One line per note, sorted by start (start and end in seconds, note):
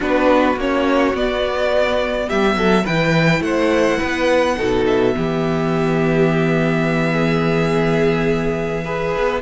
0.00 0.56 B3
0.00 0.56 D4
0.00 2.26 F#4
0.00 0.58 B4
0.56 1.13 A#3
0.56 1.15 C#4
0.56 1.15 C#5
1.14 2.28 B3
1.14 2.86 B3
1.14 2.29 D5
2.27 2.55 G3
2.27 2.55 G4
2.27 2.85 E5
2.55 2.83 F#3
2.55 2.84 A4
2.84 3.40 E3
2.84 4.56 E4
2.84 3.41 B4
2.84 3.42 G5
3.40 3.98 A3
3.40 3.98 C5
3.40 4.85 F#5
3.98 4.58 B3
3.98 4.55 B4
4.56 5.15 B2
4.56 5.13 D#4
4.56 5.15 A4
4.86 9.42 E5
5.13 9.15 E3
5.13 8.84 B3
5.13 7.12 G4
7.12 8.83 G#4
8.84 9.42 G#4
8.84 9.41 B4
9.17 9.42 B3